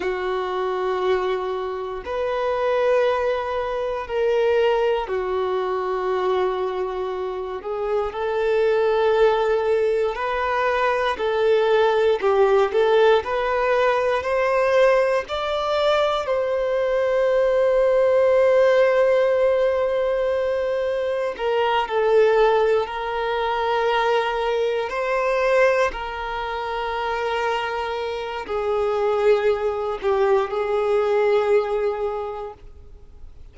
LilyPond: \new Staff \with { instrumentName = "violin" } { \time 4/4 \tempo 4 = 59 fis'2 b'2 | ais'4 fis'2~ fis'8 gis'8 | a'2 b'4 a'4 | g'8 a'8 b'4 c''4 d''4 |
c''1~ | c''4 ais'8 a'4 ais'4.~ | ais'8 c''4 ais'2~ ais'8 | gis'4. g'8 gis'2 | }